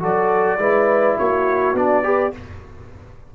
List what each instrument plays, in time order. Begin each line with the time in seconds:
0.00 tuba F#3, trombone F#4, horn A4, trumpet D5
0.58 tuba G#3, trombone E4, horn B4
1.18 tuba A#3, horn F#4, trumpet C#5
1.74 tuba B3, trombone D4, trumpet D5
2.03 trombone G4, horn B4